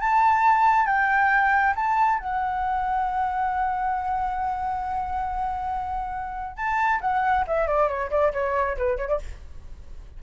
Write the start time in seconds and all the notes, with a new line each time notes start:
0.00 A5
0.86 G5
1.75 A5
2.19 F#5
6.56 A5
7.01 F#5
7.47 E5
7.67 D5
7.88 C#5
8.10 D5
8.33 C#5
8.77 B4
8.97 C#5
9.08 D5